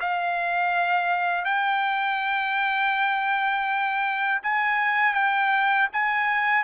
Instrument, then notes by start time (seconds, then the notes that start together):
trumpet
0.00 F5
1.45 G5
4.42 G#5
5.14 G5
5.93 G#5